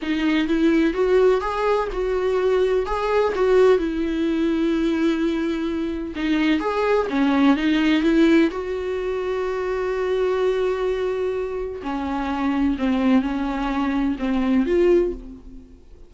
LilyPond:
\new Staff \with { instrumentName = "viola" } { \time 4/4 \tempo 4 = 127 dis'4 e'4 fis'4 gis'4 | fis'2 gis'4 fis'4 | e'1~ | e'4 dis'4 gis'4 cis'4 |
dis'4 e'4 fis'2~ | fis'1~ | fis'4 cis'2 c'4 | cis'2 c'4 f'4 | }